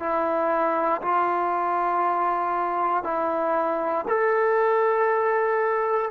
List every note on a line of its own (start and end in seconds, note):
0.00 1.02 E4
1.02 3.04 F4
3.04 4.05 E4
4.08 6.12 A4